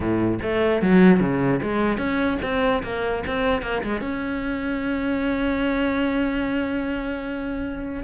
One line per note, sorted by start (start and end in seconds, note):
0.00 0.38 A2
0.42 0.81 A3
0.81 1.20 F#3
1.20 1.60 C#3
1.62 1.97 G#3
1.97 2.37 C#4
2.42 2.82 C4
2.83 3.23 A#3
3.27 3.62 C4
3.62 3.82 A#3
3.83 4.01 G#3
4.01 8.03 C#4